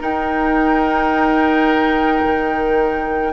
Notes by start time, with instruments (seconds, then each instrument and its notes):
0.00 clarinet D#4, bassoon D#4, oboe A#4, flute G5
2.25 bassoon D#3